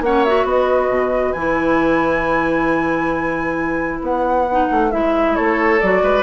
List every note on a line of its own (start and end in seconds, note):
0.00 0.44 A#3
0.00 0.26 C#4
0.00 0.46 C#5
0.00 0.24 F#5
0.24 1.36 F#4
0.24 0.46 E5
0.44 0.89 B3
0.44 5.35 B4
0.44 1.32 D#5
0.89 1.33 B2
1.32 4.01 E3
1.32 4.47 E4
1.32 3.99 G#5
4.01 4.68 B3
4.01 4.91 F#5
4.51 4.91 D#4
4.71 4.93 A3
4.91 5.37 G#3
4.91 5.80 E4
4.91 5.35 E5
5.35 5.82 A3
5.35 6.02 A4
5.35 5.79 C#5
5.80 6.02 F#3
5.80 6.22 F#4
5.80 6.22 D5
6.02 6.22 G#3
6.02 6.22 B4